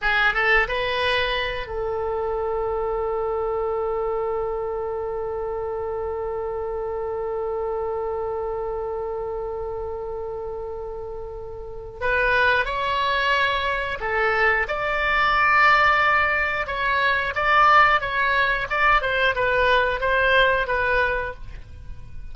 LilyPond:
\new Staff \with { instrumentName = "oboe" } { \time 4/4 \tempo 4 = 90 gis'8 a'8 b'4. a'4.~ | a'1~ | a'1~ | a'1~ |
a'2 b'4 cis''4~ | cis''4 a'4 d''2~ | d''4 cis''4 d''4 cis''4 | d''8 c''8 b'4 c''4 b'4 | }